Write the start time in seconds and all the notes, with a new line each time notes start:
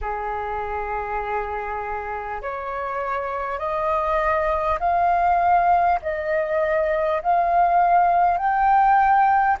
0.01 G#4
2.41 C#5
3.58 D#5
4.79 F5
6.02 D#5
7.22 F5
8.37 G5